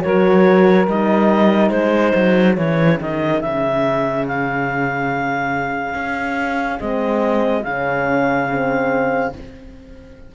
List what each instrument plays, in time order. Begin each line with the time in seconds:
0.00 cello F#3, horn F#4, saxophone A#4, clarinet C#5
0.88 cello G3, horn D#4, clarinet D#5
1.70 cello G#3, saxophone G#4, clarinet C5
2.15 cello F#3
2.56 cello E3, horn C#4, clarinet C#5
3.01 cello D#3, clarinet D#5
3.42 cello C#3, clarinet E5
4.28 clarinet F5
5.95 cello C#4
6.80 cello G#3, horn C4, clarinet D#5
7.64 cello C#3, horn C#4, clarinet F5
8.51 horn C4